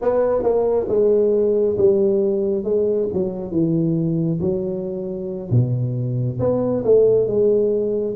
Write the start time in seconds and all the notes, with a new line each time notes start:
0.01 B3
0.43 A#3
0.88 G#3
1.77 G3
2.64 G#3
3.13 F#3
3.51 E3
4.40 F#3
5.50 B2
6.39 B3
6.84 A3
7.27 G#3